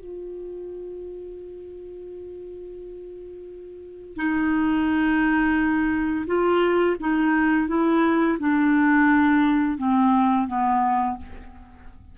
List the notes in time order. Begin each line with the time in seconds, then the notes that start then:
0.00 F4
4.17 D#4
6.27 F4
7.00 D#4
7.68 E4
8.40 D4
9.78 C4
10.47 B3